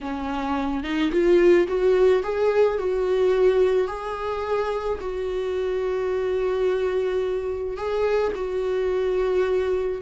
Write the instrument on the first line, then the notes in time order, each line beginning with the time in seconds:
viola
0.01 C#4
0.83 D#4
1.11 F4
1.67 F#4
2.23 G#4
2.78 F#4
3.87 G#4
5.00 F#4
7.77 G#4
8.35 F#4